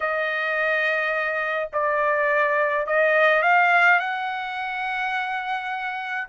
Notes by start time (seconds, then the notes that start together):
0.00 D#5
1.72 D5
2.86 D#5
3.42 F5
3.99 F#5